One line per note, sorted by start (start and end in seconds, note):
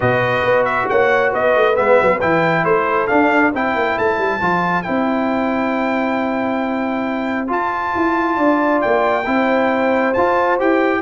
0.00 0.44 B2
0.00 1.74 F#4
0.00 0.88 B4
0.00 0.65 D#5
0.44 0.88 B3
0.65 0.87 E5
0.89 1.33 A#3
0.89 1.31 C#5
0.89 1.33 F#5
1.31 1.55 B3
1.31 2.63 B4
1.31 1.76 D#5
1.55 1.76 A3
1.75 1.98 G#3
1.75 2.19 B3
1.75 2.20 E5
2.01 2.22 F#3
2.20 2.64 E3
2.20 3.09 E4
2.20 2.64 G5
2.64 3.08 A3
2.64 3.54 A4
2.64 3.07 C5
3.07 3.53 D4
3.07 3.51 F5
3.53 3.75 C4
3.53 4.40 E4
3.53 8.36 C5
3.53 3.98 G5
3.75 3.97 A#3
3.98 4.18 A3
3.98 4.82 A5
4.18 4.40 G3
4.40 4.84 F3
4.40 4.84 F4
4.82 7.50 C4
4.82 7.47 E4
4.82 7.47 G5
7.47 9.24 F4
7.47 7.94 F4
7.47 8.81 A5
7.95 8.37 E4
8.36 8.81 D4
8.36 9.24 D5
8.81 9.26 A#3
8.81 10.13 G5
9.25 10.14 C4
9.25 10.14 E4
9.25 11.02 C5
10.13 10.60 F4
10.13 10.59 F4
10.13 10.57 A5
10.59 11.02 E4
10.59 11.02 G4
10.59 11.02 G5